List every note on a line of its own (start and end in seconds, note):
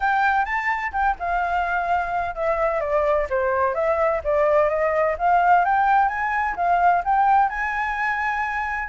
0.00 0.45 G5
0.45 0.91 A5
0.92 1.15 G5
1.19 2.35 F5
2.35 2.80 E5
2.80 3.27 D5
3.29 3.74 C5
3.74 4.21 E5
4.24 4.69 D5
4.69 5.16 D#5
5.18 5.65 F5
5.65 6.08 G5
6.08 6.55 G#5
6.56 7.03 F5
7.04 7.49 G5
7.49 8.88 G#5